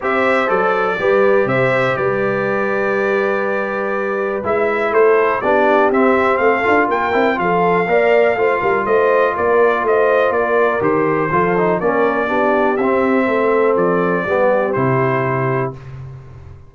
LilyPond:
<<
  \new Staff \with { instrumentName = "trumpet" } { \time 4/4 \tempo 4 = 122 e''4 d''2 e''4 | d''1~ | d''4 e''4 c''4 d''4 | e''4 f''4 g''4 f''4~ |
f''2 dis''4 d''4 | dis''4 d''4 c''2 | d''2 e''2 | d''2 c''2 | }
  \new Staff \with { instrumentName = "horn" } { \time 4/4 c''2 b'4 c''4 | b'1~ | b'2 a'4 g'4~ | g'4 a'4 ais'4 a'4 |
d''4 c''8 ais'8 c''4 ais'4 | c''4 ais'2 a'4 | ais'4 g'2 a'4~ | a'4 g'2. | }
  \new Staff \with { instrumentName = "trombone" } { \time 4/4 g'4 a'4 g'2~ | g'1~ | g'4 e'2 d'4 | c'4. f'4 e'8 f'4 |
ais'4 f'2.~ | f'2 g'4 f'8 dis'8 | cis'4 d'4 c'2~ | c'4 b4 e'2 | }
  \new Staff \with { instrumentName = "tuba" } { \time 4/4 c'4 fis4 g4 c4 | g1~ | g4 gis4 a4 b4 | c'4 a8 d'8 ais8 c'8 f4 |
ais4 a8 g8 a4 ais4 | a4 ais4 dis4 f4 | ais4 b4 c'4 a4 | f4 g4 c2 | }
>>